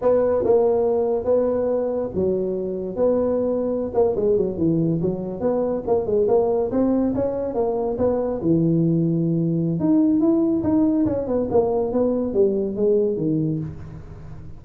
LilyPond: \new Staff \with { instrumentName = "tuba" } { \time 4/4 \tempo 4 = 141 b4 ais2 b4~ | b4 fis2 b4~ | b4~ b16 ais8 gis8 fis8 e4 fis16~ | fis8. b4 ais8 gis8 ais4 c'16~ |
c'8. cis'4 ais4 b4 e16~ | e2. dis'4 | e'4 dis'4 cis'8 b8 ais4 | b4 g4 gis4 dis4 | }